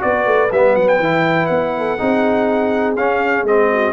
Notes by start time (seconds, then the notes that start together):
0.00 B3 F#4 B4 D5
0.27 A3
0.52 G3 B3 E5
0.76 F#3 F#5
0.89 G5
1.00 E3 E4
1.47 B3 F#5
1.78 A4
1.98 C4 D#4 G#4
2.97 C#4 F5
3.44 G#3 C4 D#5
3.72 F#4